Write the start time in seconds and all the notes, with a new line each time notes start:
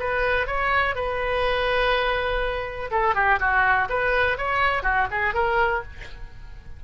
0.00 B4
0.47 C#5
0.96 B4
2.91 A4
3.15 G4
3.40 F#4
3.90 B4
4.38 C#5
4.83 F#4
5.11 G#4
5.34 A#4